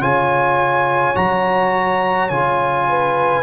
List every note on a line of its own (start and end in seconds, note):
0.00 1.15 C#3
0.00 1.14 F4
0.00 2.89 C#5
0.00 1.16 G#5
1.14 2.30 F#3
1.14 2.30 F#4
1.14 2.29 A#5
2.29 3.43 C#3
2.29 3.43 F4
2.29 3.43 G#5
2.89 3.43 B4